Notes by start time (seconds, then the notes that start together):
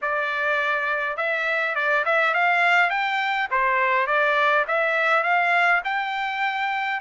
0.01 D5
1.17 E5
1.75 D5
2.05 E5
2.34 F5
2.90 G5
3.50 C5
4.06 D5
4.67 E5
5.23 F5
5.84 G5